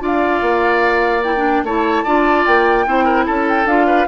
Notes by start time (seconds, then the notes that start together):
0.00 D4 F4 D5 F5
0.42 A#3
1.24 E4 G5
1.36 D4
1.63 A3 E4 C#5 A5
2.04 D4 F4 D5
2.45 A#3 G5
2.86 C4 E4 C5
3.04 A#4
3.26 C#4 A4 A5
3.49 G5
3.65 D4 F4 F5
3.87 B4